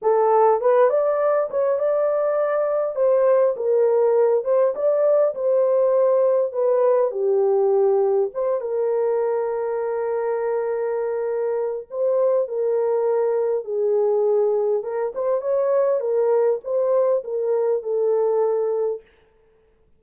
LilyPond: \new Staff \with { instrumentName = "horn" } { \time 4/4 \tempo 4 = 101 a'4 b'8 d''4 cis''8 d''4~ | d''4 c''4 ais'4. c''8 | d''4 c''2 b'4 | g'2 c''8 ais'4.~ |
ais'1 | c''4 ais'2 gis'4~ | gis'4 ais'8 c''8 cis''4 ais'4 | c''4 ais'4 a'2 | }